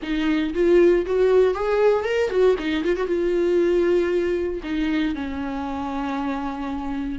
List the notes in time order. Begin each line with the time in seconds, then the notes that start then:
0.02 D#4
0.54 F4
1.05 F#4
1.54 G#4
2.04 A#4
2.30 F#4
2.59 D#4
2.83 F4
2.96 F#4
3.06 F4
4.63 D#4
5.14 C#4